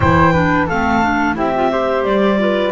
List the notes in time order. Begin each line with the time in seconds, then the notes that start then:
0.00 E3 E4 C5 G5
0.32 D4 B4
0.66 A3 C4 A4 F5
1.02 D4
1.34 C4 E4 G4 E5
1.55 F4
1.71 G4 C5
2.03 G3 D5
2.38 F4 B4